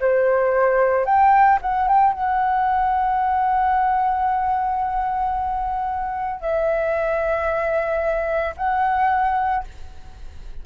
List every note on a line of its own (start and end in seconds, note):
0.00 1.06 C5
1.06 1.59 G5
1.62 1.88 F#5
1.88 2.13 G5
2.13 6.41 F#5
6.41 8.55 E5
8.57 9.64 F#5